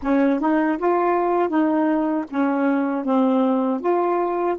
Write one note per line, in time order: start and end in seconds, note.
0.02 0.40 C#4
0.40 0.78 D#4
0.78 1.48 F4
1.48 2.24 D#4
2.30 3.04 C#4
3.04 3.80 C4
3.80 4.56 F4